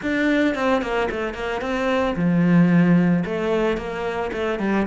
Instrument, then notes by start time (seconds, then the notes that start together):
cello
0.02 D4
0.54 C4
0.82 A#3
1.10 A3
1.34 A#3
1.61 C4
2.15 F3
3.25 A3
3.77 A#3
4.32 A3
4.59 G3